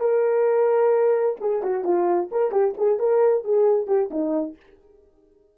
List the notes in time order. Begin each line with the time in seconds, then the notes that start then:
0.00 A#4
1.41 G#4
1.63 F#4
1.84 F4
2.31 A#4
2.52 G4
2.77 G#4
2.99 A#4
3.44 G#4
3.87 G4
4.11 D#4